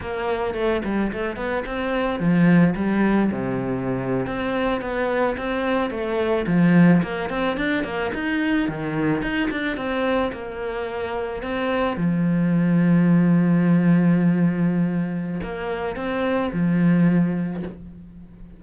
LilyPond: \new Staff \with { instrumentName = "cello" } { \time 4/4 \tempo 4 = 109 ais4 a8 g8 a8 b8 c'4 | f4 g4 c4.~ c16 c'16~ | c'8. b4 c'4 a4 f16~ | f8. ais8 c'8 d'8 ais8 dis'4 dis16~ |
dis8. dis'8 d'8 c'4 ais4~ ais16~ | ais8. c'4 f2~ f16~ | f1 | ais4 c'4 f2 | }